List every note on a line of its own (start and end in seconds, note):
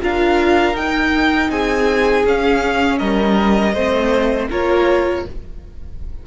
0.00 0.74 D4
0.00 0.75 F4
0.00 1.50 A#4
0.00 0.75 F5
0.74 1.49 D#4
0.74 2.25 D#4
0.74 1.50 G5
1.49 2.24 C4
1.49 2.98 G#4
1.49 2.25 G#5
2.25 2.99 C#4
2.25 3.75 C#4
2.25 2.98 F5
2.98 3.74 G3
2.98 3.73 A#4
2.98 4.48 D#5
3.73 4.49 A3
3.73 4.50 C4
3.73 4.48 C5
4.50 5.25 A#3
4.50 5.26 F4
4.50 5.25 A#4
4.50 5.26 C#5